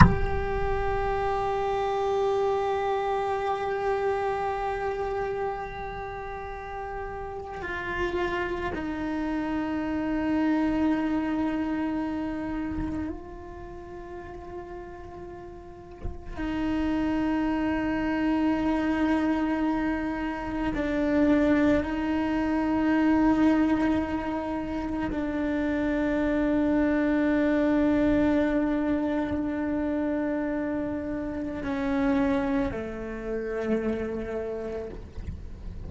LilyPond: \new Staff \with { instrumentName = "cello" } { \time 4/4 \tempo 4 = 55 g'1~ | g'2. f'4 | dis'1 | f'2. dis'4~ |
dis'2. d'4 | dis'2. d'4~ | d'1~ | d'4 cis'4 a2 | }